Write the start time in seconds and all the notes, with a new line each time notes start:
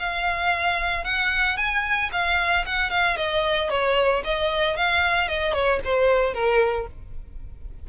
0.00 F5
1.05 F#5
1.57 G#5
2.13 F5
2.66 F#5
2.91 F5
3.17 D#5
3.70 C#5
4.25 D#5
4.77 F5
5.29 D#5
5.54 C#5
5.85 C5
6.34 A#4